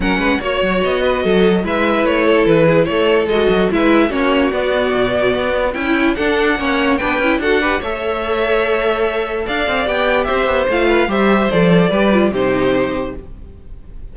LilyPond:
<<
  \new Staff \with { instrumentName = "violin" } { \time 4/4 \tempo 4 = 146 fis''4 cis''4 dis''2 | e''4 cis''4 b'4 cis''4 | dis''4 e''4 cis''4 d''4~ | d''2 g''4 fis''4~ |
fis''4 g''4 fis''4 e''4~ | e''2. f''4 | g''4 e''4 f''4 e''4 | d''2 c''2 | }
  \new Staff \with { instrumentName = "violin" } { \time 4/4 ais'8 b'8 cis''4. b'8 a'4 | b'4. a'4 gis'8 a'4~ | a'4 b'4 fis'2~ | fis'2 e'4 a'4 |
cis''4 b'4 a'8 b'8 cis''4~ | cis''2. d''4~ | d''4 c''4. b'8 c''4~ | c''4 b'4 g'2 | }
  \new Staff \with { instrumentName = "viola" } { \time 4/4 cis'4 fis'2. | e'1 | fis'4 e'4 cis'4 b4~ | b2 e'4 d'4 |
cis'4 d'8 e'8 fis'8 g'8 a'4~ | a'1 | g'2 f'4 g'4 | a'4 g'8 f'8 dis'2 | }
  \new Staff \with { instrumentName = "cello" } { \time 4/4 fis8 gis8 ais8 fis8 b4 fis4 | gis4 a4 e4 a4 | gis8 fis8 gis4 ais4 b4 | b,4 b4 cis'4 d'4 |
ais4 b8 cis'8 d'4 a4~ | a2. d'8 c'8 | b4 c'8 b8 a4 g4 | f4 g4 c2 | }
>>